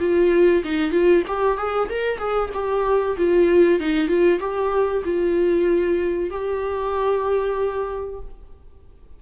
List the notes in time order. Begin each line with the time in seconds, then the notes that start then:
0.00 F4
0.64 D#4
0.92 F4
1.27 G4
1.58 G#4
1.89 A#4
2.18 G#4
2.53 G4
3.18 F4
3.80 D#4
4.08 F4
4.40 G4
5.05 F4
6.30 G4